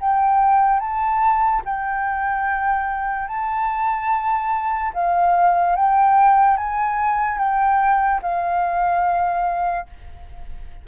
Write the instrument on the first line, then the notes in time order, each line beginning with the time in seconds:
flute
0.00 G5
0.80 A5
1.65 G5
3.28 A5
4.94 F5
5.76 G5
6.57 G#5
7.38 G5
8.22 F5